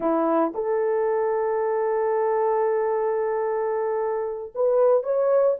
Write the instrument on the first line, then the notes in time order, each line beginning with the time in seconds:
horn
0.00 E4
0.54 A4
4.54 B4
5.03 C#5